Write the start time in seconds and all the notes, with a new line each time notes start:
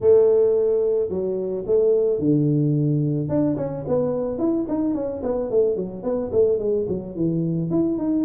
0.00 A3
1.09 F#3
1.66 A3
2.19 D3
3.28 D4
3.57 C#4
3.87 B3
4.38 E4
4.68 D#4
4.94 C#4
5.22 B3
5.50 A3
5.75 F#3
6.03 B3
6.32 A3
6.59 G#3
6.88 F#3
7.15 E3
7.70 E4
7.98 D#4